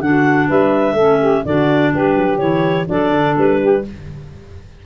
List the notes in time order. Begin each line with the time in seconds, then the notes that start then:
0.00 D3 D4 F#4 F#5
0.47 G3 B4 E5
0.93 A3 C#4 A4
1.19 G4
1.45 D3 D4 F#4 D5
1.92 G3 G4 B4
2.16 F#3
2.38 E3 E4 C#5
2.86 F#3 D4 A4 D5
3.11 D3
3.37 G3 B4
3.61 G4